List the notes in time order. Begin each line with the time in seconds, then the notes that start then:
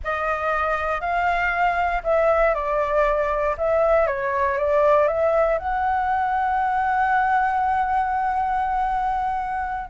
0.04 D#5
1.00 F5
2.03 E5
2.54 D5
3.57 E5
4.07 C#5
4.57 D5
5.07 E5
5.58 F#5